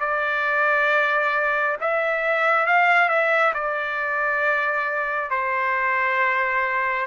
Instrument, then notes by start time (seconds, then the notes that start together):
trumpet
0.00 D5
1.80 E5
2.66 F5
3.08 E5
3.54 D5
5.30 C5